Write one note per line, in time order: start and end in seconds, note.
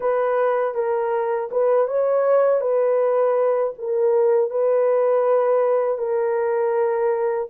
0.00 0.74 B4
0.74 1.49 A#4
1.51 1.87 B4
1.87 2.60 C#5
2.60 3.73 B4
3.78 4.50 A#4
4.50 5.98 B4
5.98 7.48 A#4